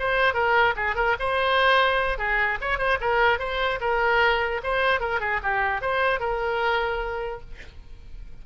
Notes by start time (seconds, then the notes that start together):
0.00 C5
0.34 A#4
0.77 G#4
0.96 A#4
1.20 C5
2.19 G#4
2.61 C#5
2.78 C5
3.01 A#4
3.40 C5
3.81 A#4
4.64 C5
5.01 A#4
5.20 G#4
5.43 G4
5.82 C5
6.20 A#4